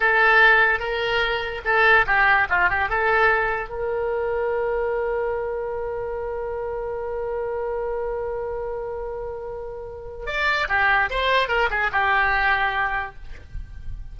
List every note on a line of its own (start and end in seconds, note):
0.00 0.79 A4
0.79 1.61 A#4
1.64 2.05 A4
2.06 2.47 G4
2.49 2.69 F4
2.69 2.89 G4
2.89 3.69 A4
3.69 10.26 A#4
10.26 10.67 D5
10.68 11.09 G4
11.09 11.48 C5
11.48 11.69 A#4
11.70 11.90 G#4
11.92 13.15 G4